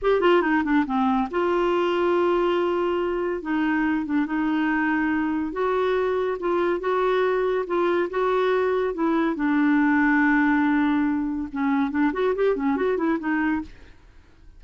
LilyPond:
\new Staff \with { instrumentName = "clarinet" } { \time 4/4 \tempo 4 = 141 g'8 f'8 dis'8 d'8 c'4 f'4~ | f'1 | dis'4. d'8 dis'2~ | dis'4 fis'2 f'4 |
fis'2 f'4 fis'4~ | fis'4 e'4 d'2~ | d'2. cis'4 | d'8 fis'8 g'8 cis'8 fis'8 e'8 dis'4 | }